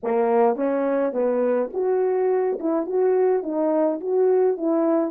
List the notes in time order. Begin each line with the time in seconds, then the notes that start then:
0.03 A#3
0.56 C#4
1.12 B3
1.73 F#4
2.59 E4
2.86 F#4
3.42 D#4
4.00 F#4
4.57 E4